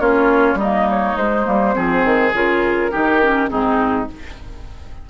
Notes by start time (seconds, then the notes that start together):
0.00 A#3 C#4 F4 C#5
0.55 G3 D#4 D#5
0.62 A#3
0.90 C#5
1.17 G#3 C5
1.46 G3 A#3
1.74 F3 C4 G#4
2.05 D#3
2.33 C#3 F4 A#4
2.92 D#3 D#4 G4
3.22 C#4
3.49 G#2 C4 D#4 G#4